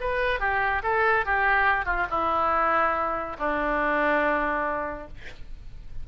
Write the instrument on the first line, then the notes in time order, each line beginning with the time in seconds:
oboe
0.00 B4
0.39 G4
0.83 A4
1.25 G4
1.85 F4
2.10 E4
3.38 D4